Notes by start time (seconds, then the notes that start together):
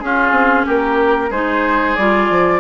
0.00 C#4 F4 G#4
0.31 C4
0.66 A#3 G4 A#4
1.30 G#3 D#4 G#4 C5
1.96 G3 F4 D5
2.30 F3